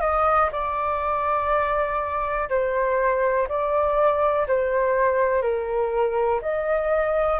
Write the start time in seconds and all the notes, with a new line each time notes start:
0.00 D#5
0.52 D5
2.49 C5
3.48 D5
4.48 C5
5.41 A#4
6.41 D#5